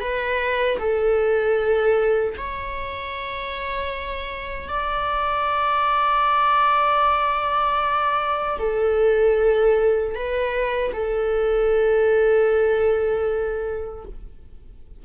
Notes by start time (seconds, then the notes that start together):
0.00 B4
0.79 A4
2.37 C#5
4.69 D5
8.59 A4
10.14 B4
10.93 A4